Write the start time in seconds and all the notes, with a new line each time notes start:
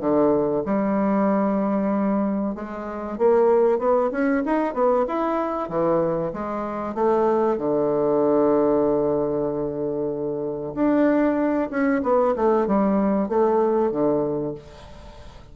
0.00 D3
0.65 G3
2.55 G#3
3.18 A#3
3.78 B3
4.11 C#4
4.46 D#4
4.74 B3
5.07 E4
5.69 E3
6.33 G#3
6.94 A3
7.58 D3
10.75 D4
11.70 C#4
12.03 B3
12.36 A3
12.67 G3
13.28 A3
13.91 D3